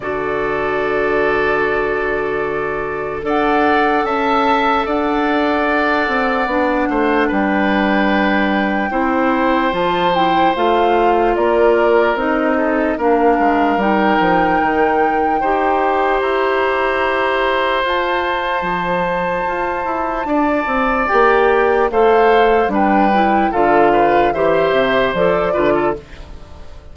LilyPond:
<<
  \new Staff \with { instrumentName = "flute" } { \time 4/4 \tempo 4 = 74 d''1 | fis''4 a''4 fis''2~ | fis''4 g''2. | a''8 g''8 f''4 d''4 dis''4 |
f''4 g''2. | ais''2 a''2~ | a''2 g''4 f''4 | g''4 f''4 e''4 d''4 | }
  \new Staff \with { instrumentName = "oboe" } { \time 4/4 a'1 | d''4 e''4 d''2~ | d''8 c''8 b'2 c''4~ | c''2 ais'4. a'8 |
ais'2. c''4~ | c''1~ | c''4 d''2 c''4 | b'4 a'8 b'8 c''4. b'16 a'16 | }
  \new Staff \with { instrumentName = "clarinet" } { \time 4/4 fis'1 | a'1 | d'2. e'4 | f'8 e'8 f'2 dis'4 |
d'4 dis'2 g'4~ | g'2 f'2~ | f'2 g'4 a'4 | d'8 e'8 f'4 g'4 a'8 f'8 | }
  \new Staff \with { instrumentName = "bassoon" } { \time 4/4 d1 | d'4 cis'4 d'4. c'8 | b8 a8 g2 c'4 | f4 a4 ais4 c'4 |
ais8 gis8 g8 f8 dis4 dis'4 | e'2 f'4 f4 | f'8 e'8 d'8 c'8 ais4 a4 | g4 d4 e8 c8 f8 d8 | }
>>